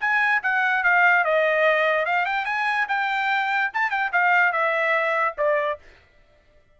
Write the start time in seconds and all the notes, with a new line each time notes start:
0.00 G#5
0.43 F#5
0.83 F5
1.24 D#5
2.05 F5
2.26 G5
2.45 G#5
2.88 G5
3.73 A5
3.90 G5
4.12 F5
4.52 E5
5.37 D5